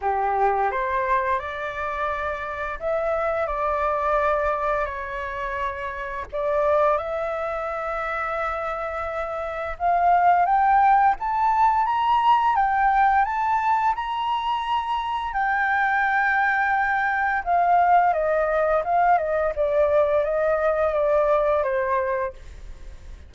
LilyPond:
\new Staff \with { instrumentName = "flute" } { \time 4/4 \tempo 4 = 86 g'4 c''4 d''2 | e''4 d''2 cis''4~ | cis''4 d''4 e''2~ | e''2 f''4 g''4 |
a''4 ais''4 g''4 a''4 | ais''2 g''2~ | g''4 f''4 dis''4 f''8 dis''8 | d''4 dis''4 d''4 c''4 | }